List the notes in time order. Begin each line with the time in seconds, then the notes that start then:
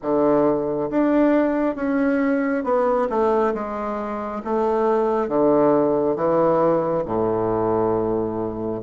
0.02 D3
0.90 D4
1.75 C#4
2.64 B3
3.09 A3
3.53 G#3
4.44 A3
5.28 D3
6.16 E3
7.05 A2